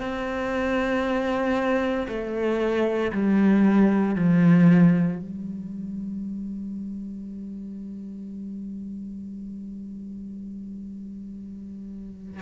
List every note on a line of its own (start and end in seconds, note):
0.00 2.07 C4
2.08 3.11 A3
3.13 4.15 G3
4.15 5.18 F3
5.18 12.42 G3